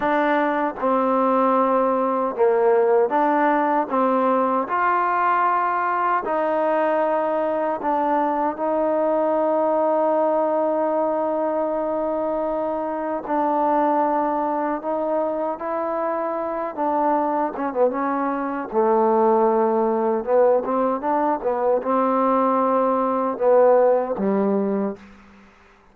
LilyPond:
\new Staff \with { instrumentName = "trombone" } { \time 4/4 \tempo 4 = 77 d'4 c'2 ais4 | d'4 c'4 f'2 | dis'2 d'4 dis'4~ | dis'1~ |
dis'4 d'2 dis'4 | e'4. d'4 cis'16 b16 cis'4 | a2 b8 c'8 d'8 b8 | c'2 b4 g4 | }